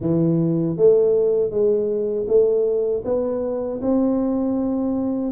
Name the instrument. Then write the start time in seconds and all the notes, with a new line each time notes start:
tuba
0.00 E3
0.76 A3
1.50 G#3
2.27 A3
3.04 B3
3.81 C4